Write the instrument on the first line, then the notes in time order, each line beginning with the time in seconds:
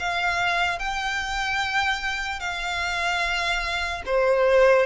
violin
0.00 F5
0.79 G5
2.40 F5
4.06 C5